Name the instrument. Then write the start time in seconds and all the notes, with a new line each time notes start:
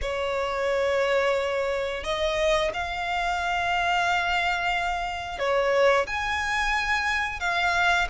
violin
0.01 C#5
2.03 D#5
2.73 F5
5.38 C#5
6.06 G#5
7.40 F5